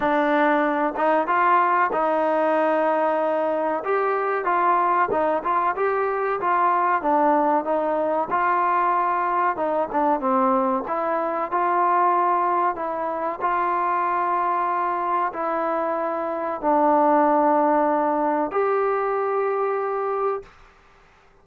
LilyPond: \new Staff \with { instrumentName = "trombone" } { \time 4/4 \tempo 4 = 94 d'4. dis'8 f'4 dis'4~ | dis'2 g'4 f'4 | dis'8 f'8 g'4 f'4 d'4 | dis'4 f'2 dis'8 d'8 |
c'4 e'4 f'2 | e'4 f'2. | e'2 d'2~ | d'4 g'2. | }